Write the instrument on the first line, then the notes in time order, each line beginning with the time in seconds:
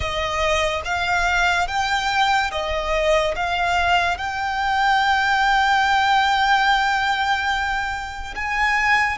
violin
0.00 D#5
0.84 F5
1.67 G5
2.51 D#5
3.35 F5
4.17 G5
8.35 G#5